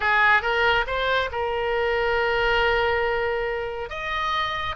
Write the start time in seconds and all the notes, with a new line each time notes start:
0.00 G#4
0.42 A#4
0.86 C5
1.31 A#4
3.89 D#5